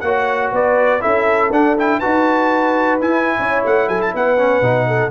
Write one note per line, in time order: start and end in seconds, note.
0.00 0.52 A#3
0.00 1.00 F#4
0.00 0.52 C#5
0.00 0.50 F#5
0.52 1.02 B3
0.52 1.01 B4
0.52 1.02 D5
1.00 1.50 C#4
1.00 1.50 E4
1.00 1.99 A4
1.00 1.51 E5
1.50 2.00 D4
1.50 1.77 D4
1.50 1.77 F#5
1.77 2.01 E4
1.77 2.00 G5
1.99 3.01 D#4
1.99 3.01 F#4
1.99 3.36 B4
1.99 2.99 A5
3.01 4.37 E4
3.01 3.38 E4
3.01 3.63 G#5
3.39 3.64 C#4
3.39 3.88 C#5
3.65 3.88 A3
3.65 3.89 F#5
3.88 4.13 F#3
3.88 4.12 A4
3.88 4.01 G#5
4.02 4.14 A5
4.14 4.61 B3
4.14 4.87 B4
4.14 5.11 F#5
4.37 4.62 C#4
4.61 5.11 B2
4.61 5.11 D#4
4.87 5.11 A4